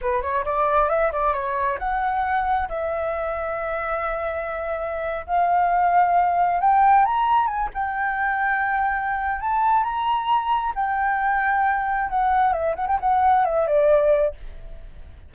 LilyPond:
\new Staff \with { instrumentName = "flute" } { \time 4/4 \tempo 4 = 134 b'8 cis''8 d''4 e''8 d''8 cis''4 | fis''2 e''2~ | e''2.~ e''8. f''16~ | f''2~ f''8. g''4 ais''16~ |
ais''8. gis''8 g''2~ g''8.~ | g''4 a''4 ais''2 | g''2. fis''4 | e''8 fis''16 g''16 fis''4 e''8 d''4. | }